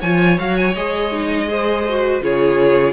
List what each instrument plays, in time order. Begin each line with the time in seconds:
0.00 cello F3, viola F4, violin C#5 G#5
0.38 cello F#3, viola F#4, violin F5
0.57 violin G#5
0.75 cello G#3, viola G#4, violin D#5
1.12 viola D#4
1.48 viola G#4, violin C5
1.89 viola F#4
2.21 cello C#3, viola F4, violin G#4 C#5